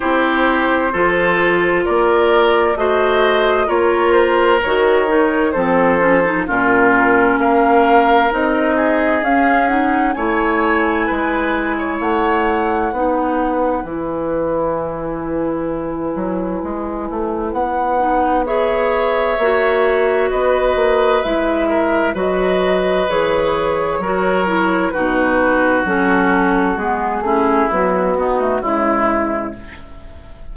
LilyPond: <<
  \new Staff \with { instrumentName = "flute" } { \time 4/4 \tempo 4 = 65 c''2 d''4 dis''4 | cis''8 c''8 cis''4 c''4 ais'4 | f''4 dis''4 f''8 fis''8 gis''4~ | gis''4 fis''2 gis''4~ |
gis''2. fis''4 | e''2 dis''4 e''4 | dis''4 cis''2 b'4 | a'4 gis'4 fis'4 e'4 | }
  \new Staff \with { instrumentName = "oboe" } { \time 4/4 g'4 a'4 ais'4 c''4 | ais'2 a'4 f'4 | ais'4. gis'4. cis''4 | b'8. cis''4~ cis''16 b'2~ |
b'1 | cis''2 b'4. ais'8 | b'2 ais'4 fis'4~ | fis'4. e'4 dis'8 e'4 | }
  \new Staff \with { instrumentName = "clarinet" } { \time 4/4 e'4 f'2 fis'4 | f'4 fis'8 dis'8 c'8 cis'16 dis'16 cis'4~ | cis'4 dis'4 cis'8 dis'8 e'4~ | e'2 dis'4 e'4~ |
e'2.~ e'8 dis'8 | gis'4 fis'2 e'4 | fis'4 gis'4 fis'8 e'8 dis'4 | cis'4 b8 cis'8 fis8 b16 a16 gis4 | }
  \new Staff \with { instrumentName = "bassoon" } { \time 4/4 c'4 f4 ais4 a4 | ais4 dis4 f4 ais,4 | ais4 c'4 cis'4 a4 | gis4 a4 b4 e4~ |
e4. fis8 gis8 a8 b4~ | b4 ais4 b8 ais8 gis4 | fis4 e4 fis4 b,4 | fis4 gis8 a8 b4 cis4 | }
>>